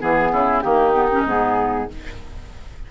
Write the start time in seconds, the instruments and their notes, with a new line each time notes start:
0.00 bassoon E3, clarinet B3, oboe G#4, flute G#4
0.32 bassoon C#3, oboe E4
0.62 bassoon D#3, clarinet A#3, oboe D#4, flute G4
0.94 clarinet B3
1.12 clarinet C#4
1.25 bassoon G#2, clarinet B3, flute G#4